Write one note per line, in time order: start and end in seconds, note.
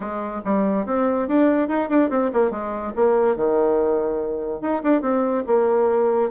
0.00 0.41 G#3
0.44 0.86 G3
0.86 1.27 C4
1.27 1.68 D4
1.68 1.89 D#4
1.89 2.10 D4
2.10 2.31 C4
2.33 2.50 A#3
2.50 2.92 G#3
2.95 3.36 A#3
3.36 4.61 D#3
4.61 4.82 D#4
4.83 5.01 D4
5.01 5.43 C4
5.47 6.30 A#3